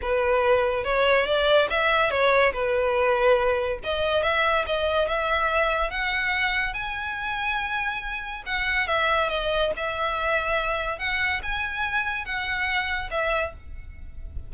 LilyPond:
\new Staff \with { instrumentName = "violin" } { \time 4/4 \tempo 4 = 142 b'2 cis''4 d''4 | e''4 cis''4 b'2~ | b'4 dis''4 e''4 dis''4 | e''2 fis''2 |
gis''1 | fis''4 e''4 dis''4 e''4~ | e''2 fis''4 gis''4~ | gis''4 fis''2 e''4 | }